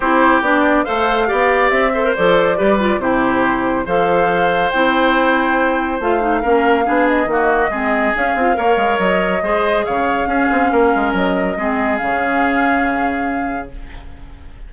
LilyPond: <<
  \new Staff \with { instrumentName = "flute" } { \time 4/4 \tempo 4 = 140 c''4 d''4 f''2 | e''4 d''2 c''4~ | c''4 f''2 g''4~ | g''2 f''2~ |
f''8 dis''2~ dis''8 f''4~ | f''4 dis''2 f''4~ | f''2 dis''2 | f''1 | }
  \new Staff \with { instrumentName = "oboe" } { \time 4/4 g'2 c''4 d''4~ | d''8 c''4. b'4 g'4~ | g'4 c''2.~ | c''2. ais'4 |
gis'4 fis'4 gis'2 | cis''2 c''4 cis''4 | gis'4 ais'2 gis'4~ | gis'1 | }
  \new Staff \with { instrumentName = "clarinet" } { \time 4/4 e'4 d'4 a'4 g'4~ | g'8 a'16 ais'16 a'4 g'8 f'8 e'4~ | e'4 a'2 e'4~ | e'2 f'8 dis'8 cis'4 |
d'4 ais4 c'4 cis'8 f'8 | ais'2 gis'2 | cis'2. c'4 | cis'1 | }
  \new Staff \with { instrumentName = "bassoon" } { \time 4/4 c'4 b4 a4 b4 | c'4 f4 g4 c4~ | c4 f2 c'4~ | c'2 a4 ais4 |
b4 dis4 gis4 cis'8 c'8 | ais8 gis8 fis4 gis4 cis4 | cis'8 c'8 ais8 gis8 fis4 gis4 | cis1 | }
>>